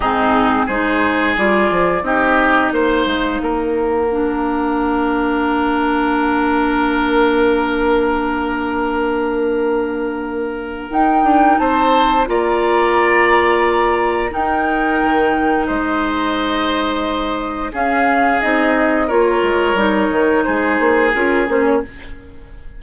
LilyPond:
<<
  \new Staff \with { instrumentName = "flute" } { \time 4/4 \tempo 4 = 88 gis'4 c''4 d''4 dis''4 | f''1~ | f''1~ | f''1 |
g''4 a''4 ais''2~ | ais''4 g''2 dis''4~ | dis''2 f''4 dis''4 | cis''2 c''4 ais'8 c''16 cis''16 | }
  \new Staff \with { instrumentName = "oboe" } { \time 4/4 dis'4 gis'2 g'4 | c''4 ais'2.~ | ais'1~ | ais'1~ |
ais'4 c''4 d''2~ | d''4 ais'2 c''4~ | c''2 gis'2 | ais'2 gis'2 | }
  \new Staff \with { instrumentName = "clarinet" } { \time 4/4 c'4 dis'4 f'4 dis'4~ | dis'2 d'2~ | d'1~ | d'1 |
dis'2 f'2~ | f'4 dis'2.~ | dis'2 cis'4 dis'4 | f'4 dis'2 f'8 cis'8 | }
  \new Staff \with { instrumentName = "bassoon" } { \time 4/4 gis,4 gis4 g8 f8 c'4 | ais8 gis8 ais2.~ | ais1~ | ais1 |
dis'8 d'8 c'4 ais2~ | ais4 dis'4 dis4 gis4~ | gis2 cis'4 c'4 | ais8 gis8 g8 dis8 gis8 ais8 cis'8 ais8 | }
>>